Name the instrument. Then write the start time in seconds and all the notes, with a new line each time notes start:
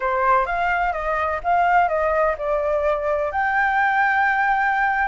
flute
0.00 C5
0.46 F5
0.92 D#5
1.43 F5
1.88 D#5
2.38 D5
3.31 G5